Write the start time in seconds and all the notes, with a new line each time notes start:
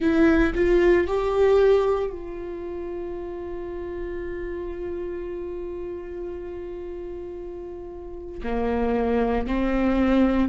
0.00 E4
0.55 F4
1.07 G4
2.10 F4
8.43 A#3
9.46 C4